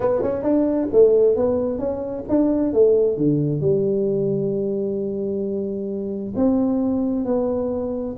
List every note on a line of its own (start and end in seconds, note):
0.00 0.21 B3
0.22 0.43 C#4
0.43 0.88 D4
0.92 1.36 A3
1.36 1.78 B3
1.78 2.24 C#4
2.28 2.73 D4
2.73 3.17 A3
3.17 3.60 D3
3.60 6.33 G3
6.36 7.25 C4
7.25 8.15 B3